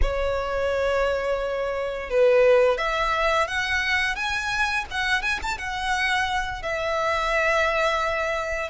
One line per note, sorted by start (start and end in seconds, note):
0.01 2.09 C#5
2.09 2.77 B4
2.77 3.47 E5
3.47 4.15 F#5
4.15 4.85 G#5
4.90 5.22 F#5
5.22 5.39 G#5
5.42 5.58 A5
5.58 6.62 F#5
6.62 8.70 E5